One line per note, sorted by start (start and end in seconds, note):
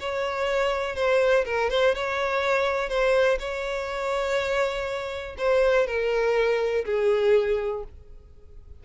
0.00 0.95 C#5
0.95 1.45 C5
1.45 1.70 A#4
1.70 1.95 C5
1.95 2.89 C#5
2.89 3.38 C5
3.39 5.36 C#5
5.38 5.87 C5
5.87 6.85 A#4
6.85 7.84 G#4